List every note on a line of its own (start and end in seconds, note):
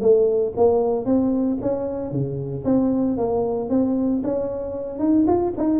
0.00 0.53 A3
0.56 1.05 A#3
1.05 1.58 C4
1.61 2.11 C#4
2.11 2.64 C#3
2.64 3.17 C4
3.17 3.69 A#3
3.69 4.22 C4
4.23 4.99 C#4
4.99 5.25 D#4
5.27 5.53 F4
5.57 5.79 D#4